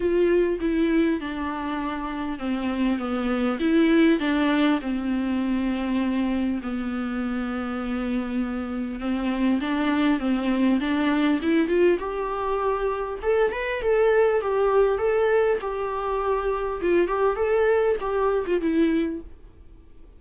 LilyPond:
\new Staff \with { instrumentName = "viola" } { \time 4/4 \tempo 4 = 100 f'4 e'4 d'2 | c'4 b4 e'4 d'4 | c'2. b4~ | b2. c'4 |
d'4 c'4 d'4 e'8 f'8 | g'2 a'8 b'8 a'4 | g'4 a'4 g'2 | f'8 g'8 a'4 g'8. f'16 e'4 | }